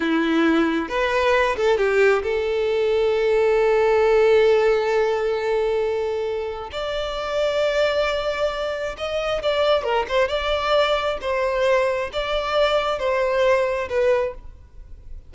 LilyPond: \new Staff \with { instrumentName = "violin" } { \time 4/4 \tempo 4 = 134 e'2 b'4. a'8 | g'4 a'2.~ | a'1~ | a'2. d''4~ |
d''1 | dis''4 d''4 ais'8 c''8 d''4~ | d''4 c''2 d''4~ | d''4 c''2 b'4 | }